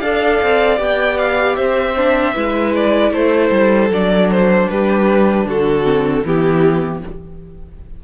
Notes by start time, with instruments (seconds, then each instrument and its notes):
0.00 cello D4, viola A4, violin D5 F5
0.42 cello C4
0.77 cello B3, viola G4, violin G5
1.18 violin F5
1.56 cello C4, violin C5 E5
1.97 viola D4
2.34 cello G#3, viola E4, violin B4
2.75 violin D5
3.11 cello A3, violin A4 C5
3.51 cello G3
3.89 cello F#3, viola D4, violin D5
4.31 violin C5
4.69 cello G3, violin G4 B4
5.45 cello D3, violin F#4 A4
5.83 viola C4
6.25 cello E3, viola B3, violin E4 G4